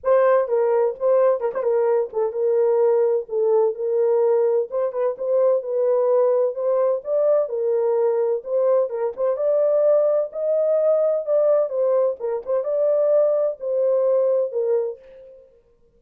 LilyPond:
\new Staff \with { instrumentName = "horn" } { \time 4/4 \tempo 4 = 128 c''4 ais'4 c''4 ais'16 c''16 ais'8~ | ais'8 a'8 ais'2 a'4 | ais'2 c''8 b'8 c''4 | b'2 c''4 d''4 |
ais'2 c''4 ais'8 c''8 | d''2 dis''2 | d''4 c''4 ais'8 c''8 d''4~ | d''4 c''2 ais'4 | }